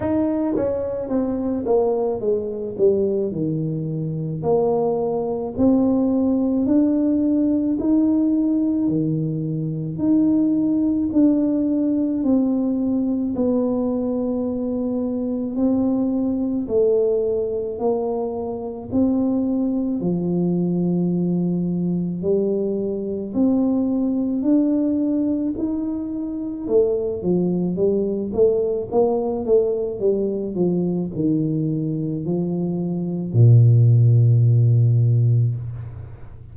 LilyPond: \new Staff \with { instrumentName = "tuba" } { \time 4/4 \tempo 4 = 54 dis'8 cis'8 c'8 ais8 gis8 g8 dis4 | ais4 c'4 d'4 dis'4 | dis4 dis'4 d'4 c'4 | b2 c'4 a4 |
ais4 c'4 f2 | g4 c'4 d'4 dis'4 | a8 f8 g8 a8 ais8 a8 g8 f8 | dis4 f4 ais,2 | }